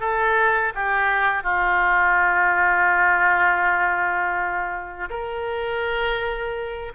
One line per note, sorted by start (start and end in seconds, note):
0.00 0.73 A4
0.74 1.43 G4
1.43 5.09 F4
5.09 6.92 A#4